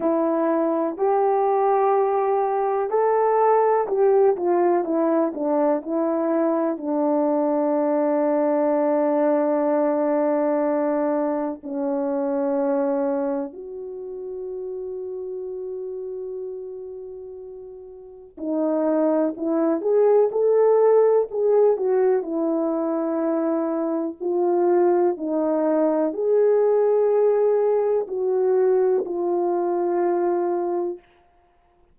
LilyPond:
\new Staff \with { instrumentName = "horn" } { \time 4/4 \tempo 4 = 62 e'4 g'2 a'4 | g'8 f'8 e'8 d'8 e'4 d'4~ | d'1 | cis'2 fis'2~ |
fis'2. dis'4 | e'8 gis'8 a'4 gis'8 fis'8 e'4~ | e'4 f'4 dis'4 gis'4~ | gis'4 fis'4 f'2 | }